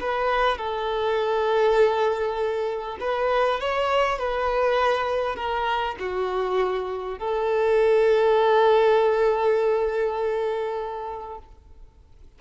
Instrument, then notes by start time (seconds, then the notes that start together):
violin
0.00 B4
0.58 A4
3.00 B4
3.60 C#5
4.19 B4
5.36 A#4
5.99 F#4
7.18 A4